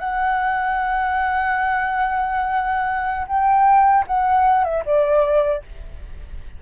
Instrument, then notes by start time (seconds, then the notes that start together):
flute
0.00 F#5
3.28 G5
4.08 F#5
4.65 E5
4.86 D5